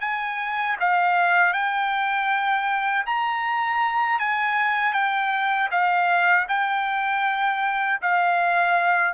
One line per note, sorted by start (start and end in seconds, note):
0.00 0.76 G#5
0.79 1.53 F5
1.53 3.05 G5
3.06 4.19 A#5
4.19 4.93 G#5
4.93 5.69 G5
5.71 6.47 F5
6.48 8.00 G5
8.01 9.13 F5